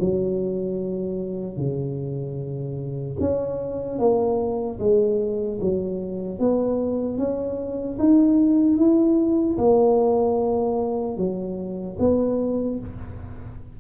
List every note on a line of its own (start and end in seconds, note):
0.00 1.57 F#3
1.57 3.17 C#3
3.20 3.99 C#4
3.99 4.79 A#3
4.79 5.59 G#3
5.61 6.39 F#3
6.39 7.18 B3
7.18 7.98 C#4
7.99 8.77 D#4
8.77 9.57 E4
9.57 11.17 A#3
11.17 11.97 F#3
11.99 12.79 B3